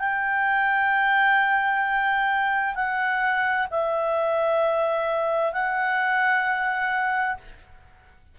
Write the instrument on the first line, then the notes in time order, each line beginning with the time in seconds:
clarinet
0.00 G5
2.76 F#5
3.71 E5
5.53 F#5